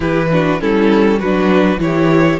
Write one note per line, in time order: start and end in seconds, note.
0.00 0.60 E3
0.00 0.29 E4
0.00 0.27 G4
0.00 0.60 B4
0.31 0.60 D4
0.31 0.61 F#4
0.60 1.21 G3
0.60 1.20 C#4
0.60 1.18 E4
0.60 1.19 A4
1.18 1.78 F#3
1.18 1.79 D4
1.18 1.78 F#4
1.18 1.79 B4
1.78 2.38 E3
1.78 2.39 E4
1.78 2.39 G4
1.78 2.39 C#5